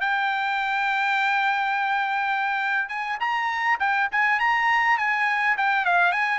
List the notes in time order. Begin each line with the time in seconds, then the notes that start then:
0.00 G5
2.89 G#5
3.20 A#5
3.79 G5
4.11 G#5
4.40 A#5
4.98 G#5
5.57 G5
5.85 F5
6.12 G#5